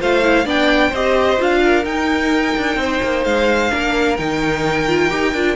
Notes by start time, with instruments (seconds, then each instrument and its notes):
0.00 cello A3, viola F4, violin C5 F5
0.23 viola E4
0.45 cello B3, viola D4, violin D5 G5
0.89 cello C4, viola G4, violin C5 D#5
1.37 cello D4, viola F4, violin F5
1.64 violin A#4
1.85 cello D#4, viola D#4, violin G5
2.57 cello D4
2.76 cello C4, violin C5
3.03 cello A#3
3.24 cello G#3, violin F5
3.71 cello A#3, viola D4, violin A#4
4.17 cello D#3, viola D#4, violin G5
4.88 viola F4
5.09 cello D#4, viola G4
5.34 cello D4, viola F4